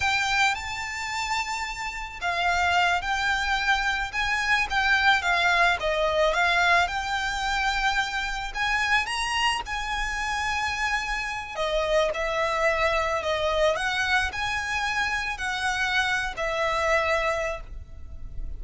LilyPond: \new Staff \with { instrumentName = "violin" } { \time 4/4 \tempo 4 = 109 g''4 a''2. | f''4. g''2 gis''8~ | gis''8 g''4 f''4 dis''4 f''8~ | f''8 g''2. gis''8~ |
gis''8 ais''4 gis''2~ gis''8~ | gis''4 dis''4 e''2 | dis''4 fis''4 gis''2 | fis''4.~ fis''16 e''2~ e''16 | }